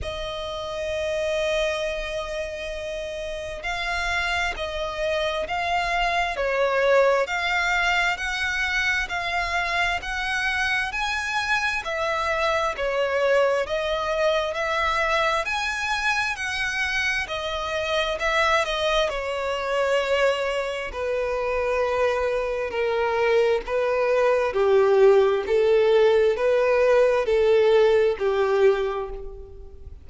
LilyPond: \new Staff \with { instrumentName = "violin" } { \time 4/4 \tempo 4 = 66 dis''1 | f''4 dis''4 f''4 cis''4 | f''4 fis''4 f''4 fis''4 | gis''4 e''4 cis''4 dis''4 |
e''4 gis''4 fis''4 dis''4 | e''8 dis''8 cis''2 b'4~ | b'4 ais'4 b'4 g'4 | a'4 b'4 a'4 g'4 | }